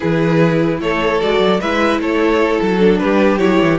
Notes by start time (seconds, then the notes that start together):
0.00 E3 E4 G#4 B4
0.80 A3 A4 C#5
1.20 G#3 F#4 D5
1.39 F#3
1.60 G#3 E4 B4 E5
1.99 A3 A4 C#5
2.60 F#3 A4
2.79 D4
2.99 G3 G4 B4
3.38 F#3 E4 C#5
3.61 E3